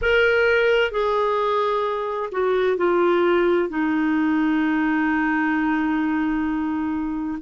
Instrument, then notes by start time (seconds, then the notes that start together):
clarinet
0.01 A#4
0.91 G#4
2.31 F#4
2.77 F4
3.69 D#4